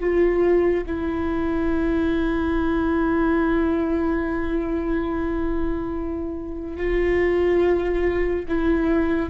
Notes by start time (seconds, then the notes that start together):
0.00 F4
0.86 E4
6.76 F4
8.48 E4